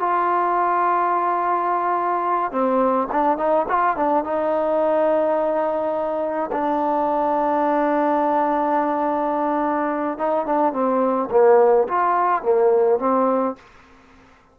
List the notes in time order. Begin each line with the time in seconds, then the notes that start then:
0.00 F4
2.52 C4
3.12 D4
3.38 D#4
3.68 F4
3.96 D4
4.24 D#4
6.52 D4
10.18 D#4
10.46 D4
10.73 C4
11.31 A#3
11.88 F4
12.42 A#3
12.99 C4